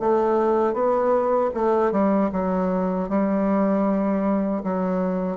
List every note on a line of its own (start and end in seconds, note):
0.00 0.74 A3
0.74 1.51 B3
1.55 1.92 A3
1.92 2.31 G3
2.33 3.09 F#3
3.09 4.63 G3
4.64 5.37 F#3